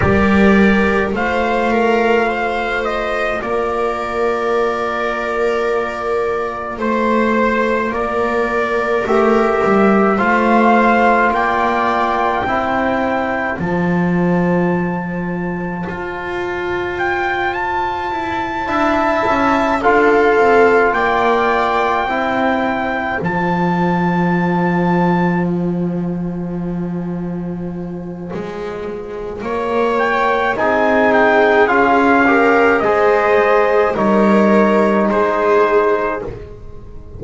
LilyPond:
<<
  \new Staff \with { instrumentName = "trumpet" } { \time 4/4 \tempo 4 = 53 d''4 f''4. dis''8 d''4~ | d''2 c''4 d''4 | e''4 f''4 g''2 | a''2. g''8 a''8~ |
a''4. f''4 g''4.~ | g''8 a''2 gis''4.~ | gis''2~ gis''8 g''8 gis''8 g''8 | f''4 dis''4 cis''4 c''4 | }
  \new Staff \with { instrumentName = "viola" } { \time 4/4 ais'4 c''8 ais'8 c''4 ais'4~ | ais'2 c''4 ais'4~ | ais'4 c''4 d''4 c''4~ | c''1~ |
c''8 e''4 a'4 d''4 c''8~ | c''1~ | c''2 cis''4 gis'4~ | gis'8 ais'8 c''4 ais'4 gis'4 | }
  \new Staff \with { instrumentName = "trombone" } { \time 4/4 g'4 f'2.~ | f'1 | g'4 f'2 e'4 | f'1~ |
f'8 e'4 f'2 e'8~ | e'8 f'2.~ f'8~ | f'2. dis'4 | f'8 g'8 gis'4 dis'2 | }
  \new Staff \with { instrumentName = "double bass" } { \time 4/4 g4 a2 ais4~ | ais2 a4 ais4 | a8 g8 a4 ais4 c'4 | f2 f'2 |
e'8 d'8 cis'8 d'8 c'8 ais4 c'8~ | c'8 f2.~ f8~ | f4 gis4 ais4 c'4 | cis'4 gis4 g4 gis4 | }
>>